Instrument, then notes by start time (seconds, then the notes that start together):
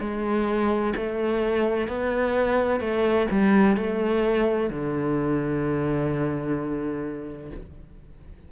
cello
0.00 G#3
0.96 A3
1.87 B3
2.80 A3
3.31 G3
3.77 A3
4.70 D3